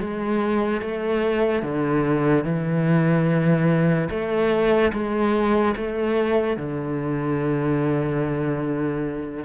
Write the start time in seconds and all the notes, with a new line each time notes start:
0.00 G#3
0.81 A3
1.62 D3
2.44 E3
4.10 A3
4.93 G#3
5.76 A3
6.57 D3